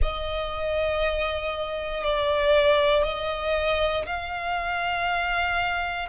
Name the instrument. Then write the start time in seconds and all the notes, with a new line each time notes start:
violin
0.01 D#5
2.03 D5
3.03 D#5
4.06 F5